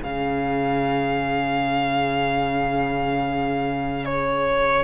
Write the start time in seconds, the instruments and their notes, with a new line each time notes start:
0.00 cello C#3, viola C#4, violin G#4 F5
4.05 violin C#5